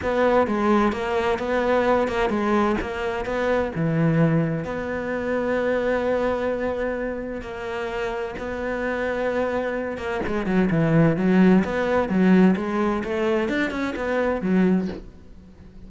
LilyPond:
\new Staff \with { instrumentName = "cello" } { \time 4/4 \tempo 4 = 129 b4 gis4 ais4 b4~ | b8 ais8 gis4 ais4 b4 | e2 b2~ | b1 |
ais2 b2~ | b4. ais8 gis8 fis8 e4 | fis4 b4 fis4 gis4 | a4 d'8 cis'8 b4 fis4 | }